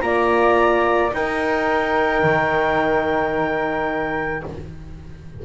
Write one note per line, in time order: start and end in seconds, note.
0.00 1.12 A#3
0.00 1.11 F4
0.00 1.15 D5
0.00 1.10 A#5
1.12 4.42 D#4
1.12 2.23 D#4
1.12 4.45 A#4
1.12 4.44 G5
2.23 4.43 D#3